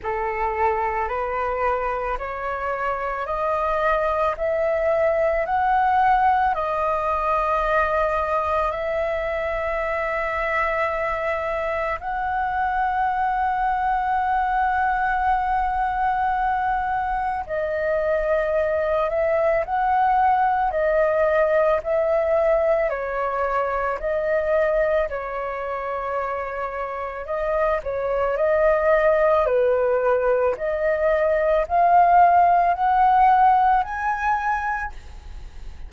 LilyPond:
\new Staff \with { instrumentName = "flute" } { \time 4/4 \tempo 4 = 55 a'4 b'4 cis''4 dis''4 | e''4 fis''4 dis''2 | e''2. fis''4~ | fis''1 |
dis''4. e''8 fis''4 dis''4 | e''4 cis''4 dis''4 cis''4~ | cis''4 dis''8 cis''8 dis''4 b'4 | dis''4 f''4 fis''4 gis''4 | }